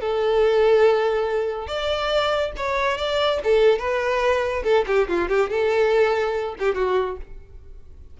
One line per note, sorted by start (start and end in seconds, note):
0.00 1.67 A4
1.67 2.51 D5
2.56 2.97 C#5
2.97 3.39 D5
3.43 3.78 A4
3.78 4.62 B4
4.63 4.84 A4
4.86 5.08 G4
5.08 5.28 F4
5.28 5.49 G4
5.49 6.55 A4
6.59 6.75 G4
6.75 7.17 F#4